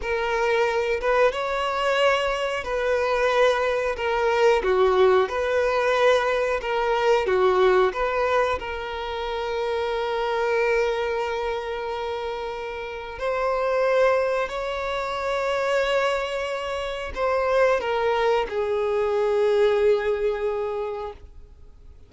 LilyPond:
\new Staff \with { instrumentName = "violin" } { \time 4/4 \tempo 4 = 91 ais'4. b'8 cis''2 | b'2 ais'4 fis'4 | b'2 ais'4 fis'4 | b'4 ais'2.~ |
ais'1 | c''2 cis''2~ | cis''2 c''4 ais'4 | gis'1 | }